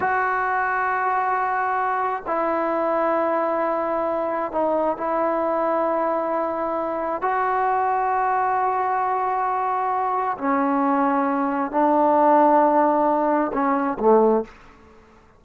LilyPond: \new Staff \with { instrumentName = "trombone" } { \time 4/4 \tempo 4 = 133 fis'1~ | fis'4 e'2.~ | e'2 dis'4 e'4~ | e'1 |
fis'1~ | fis'2. cis'4~ | cis'2 d'2~ | d'2 cis'4 a4 | }